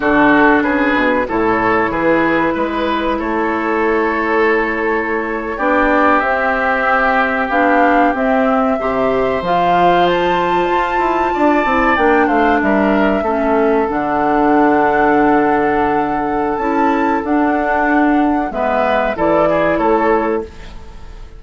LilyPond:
<<
  \new Staff \with { instrumentName = "flute" } { \time 4/4 \tempo 4 = 94 a'4 b'4 cis''4 b'4~ | b'4 cis''2.~ | cis''8. d''4 e''2 f''16~ | f''8. e''2 f''4 a''16~ |
a''2~ a''8. g''8 f''8 e''16~ | e''4.~ e''16 fis''2~ fis''16~ | fis''2 a''4 fis''4~ | fis''4 e''4 d''4 cis''4 | }
  \new Staff \with { instrumentName = "oboe" } { \time 4/4 fis'4 gis'4 a'4 gis'4 | b'4 a'2.~ | a'8. g'2.~ g'16~ | g'4.~ g'16 c''2~ c''16~ |
c''4.~ c''16 d''4. c''8 ais'16~ | ais'8. a'2.~ a'16~ | a'1~ | a'4 b'4 a'8 gis'8 a'4 | }
  \new Staff \with { instrumentName = "clarinet" } { \time 4/4 d'2 e'2~ | e'1~ | e'8. d'4 c'2 d'16~ | d'8. c'4 g'4 f'4~ f'16~ |
f'2~ f'16 e'8 d'4~ d'16~ | d'8. cis'4 d'2~ d'16~ | d'2 e'4 d'4~ | d'4 b4 e'2 | }
  \new Staff \with { instrumentName = "bassoon" } { \time 4/4 d4 cis8 b,8 a,4 e4 | gis4 a2.~ | a8. b4 c'2 b16~ | b8. c'4 c4 f4~ f16~ |
f8. f'8 e'8 d'8 c'8 ais8 a8 g16~ | g8. a4 d2~ d16~ | d2 cis'4 d'4~ | d'4 gis4 e4 a4 | }
>>